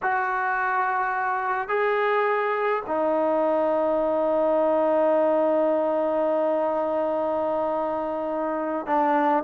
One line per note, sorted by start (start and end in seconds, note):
0.02 1.68 F#4
1.68 2.82 G#4
2.86 8.86 D#4
8.86 9.43 D4